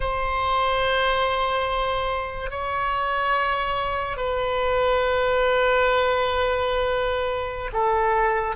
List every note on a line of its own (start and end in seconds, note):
0.00 2.50 C5
2.50 4.16 C#5
4.16 7.70 B4
7.73 8.55 A4